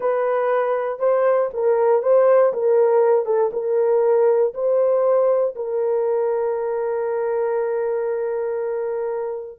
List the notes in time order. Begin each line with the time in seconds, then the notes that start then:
0.00 B4
0.99 C5
1.53 A#4
2.02 C5
2.53 A#4
3.25 A4
3.52 A#4
4.54 C5
5.55 A#4